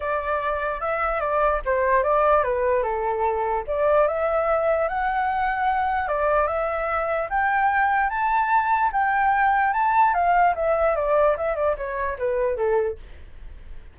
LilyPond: \new Staff \with { instrumentName = "flute" } { \time 4/4 \tempo 4 = 148 d''2 e''4 d''4 | c''4 d''4 b'4 a'4~ | a'4 d''4 e''2 | fis''2. d''4 |
e''2 g''2 | a''2 g''2 | a''4 f''4 e''4 d''4 | e''8 d''8 cis''4 b'4 a'4 | }